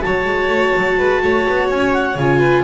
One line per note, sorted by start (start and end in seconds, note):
0.00 0.25 F#3
0.00 2.14 F#4
0.00 0.98 C#5
0.00 1.67 A5
0.25 0.47 G#3
0.47 0.71 A3
0.76 0.98 F#3
0.98 1.22 G#3
0.98 1.22 B4
1.23 1.47 A3
1.23 2.38 C#5
1.49 1.70 B3
1.69 2.15 C#4
1.69 1.93 G#5
1.93 2.17 F#5
2.15 2.62 C#3
2.15 2.64 F4
2.15 2.64 G#5
2.38 2.62 B4